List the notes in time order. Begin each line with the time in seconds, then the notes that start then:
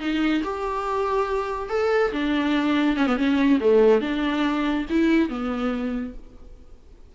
0.00 D#4
0.44 G4
1.70 A4
2.12 D4
2.97 C#4
3.07 B3
3.17 C#4
3.60 A3
4.01 D4
4.90 E4
5.29 B3